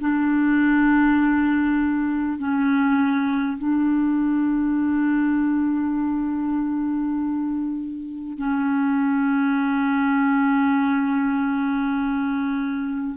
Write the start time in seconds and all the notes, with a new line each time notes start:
0.00 D4
2.38 C#4
3.58 D4
8.38 C#4